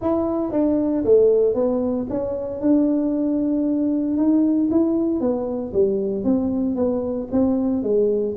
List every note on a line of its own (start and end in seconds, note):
0.01 0.51 E4
0.51 1.03 D4
1.04 1.54 A3
1.54 2.06 B3
2.09 2.60 C#4
2.60 4.17 D4
4.17 4.69 D#4
4.70 5.20 E4
5.20 5.72 B3
5.73 6.23 G3
6.23 6.75 C4
6.75 7.28 B3
7.31 7.83 C4
7.83 8.35 G#3